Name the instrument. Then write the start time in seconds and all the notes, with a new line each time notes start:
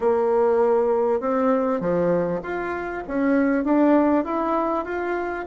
bassoon
0.00 A#3
1.20 C4
1.80 F3
2.42 F4
3.07 C#4
3.64 D4
4.24 E4
4.85 F4